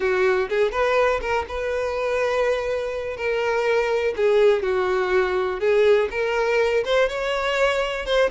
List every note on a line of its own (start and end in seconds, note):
0.00 0.48 F#4
0.49 0.71 G#4
0.71 1.20 B4
1.21 1.45 A#4
1.48 3.17 B4
3.17 4.14 A#4
4.16 4.62 G#4
4.62 5.60 F#4
5.60 6.08 G#4
6.10 6.84 A#4
6.84 7.09 C5
7.09 8.05 C#5
8.05 8.29 C5